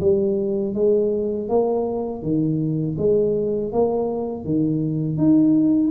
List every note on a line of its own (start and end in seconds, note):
0.00 0.74 G3
0.74 1.48 G#3
1.48 2.22 A#3
2.22 2.96 D#3
2.98 3.72 G#3
3.72 4.44 A#3
4.44 5.17 D#3
5.17 5.91 D#4